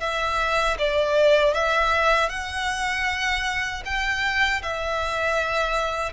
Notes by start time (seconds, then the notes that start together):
0.00 E5
0.78 D5
1.54 E5
2.29 F#5
3.85 G5
4.62 E5